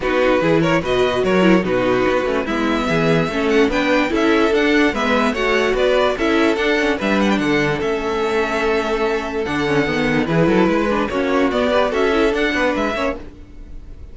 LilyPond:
<<
  \new Staff \with { instrumentName = "violin" } { \time 4/4 \tempo 4 = 146 b'4. cis''8 dis''4 cis''4 | b'2 e''2~ | e''8 fis''8 g''4 e''4 fis''4 | e''4 fis''4 d''4 e''4 |
fis''4 e''8 fis''16 g''16 fis''4 e''4~ | e''2. fis''4~ | fis''4 b'2 cis''4 | d''4 e''4 fis''4 e''4 | }
  \new Staff \with { instrumentName = "violin" } { \time 4/4 fis'4 gis'8 ais'8 b'4 ais'4 | fis'2 e'4 gis'4 | a'4 b'4 a'2 | b'4 cis''4 b'4 a'4~ |
a'4 b'4 a'2~ | a'1~ | a'4 gis'8 a'8 b'4 fis'4~ | fis'8 b'8 a'4. b'4 cis''8 | }
  \new Staff \with { instrumentName = "viola" } { \time 4/4 dis'4 e'4 fis'4. e'8 | dis'4. cis'8 b2 | cis'4 d'4 e'4 d'4 | b4 fis'2 e'4 |
d'8 cis'8 d'2 cis'4~ | cis'2. d'8 cis'8 | b4 e'4. d'8 cis'4 | b8 g'8 fis'8 e'8 d'4. cis'8 | }
  \new Staff \with { instrumentName = "cello" } { \time 4/4 b4 e4 b,4 fis4 | b,4 b8 a8 gis4 e4 | a4 b4 cis'4 d'4 | gis4 a4 b4 cis'4 |
d'4 g4 d4 a4~ | a2. d4 | dis4 e8 fis8 gis4 ais4 | b4 cis'4 d'8 b8 gis8 ais8 | }
>>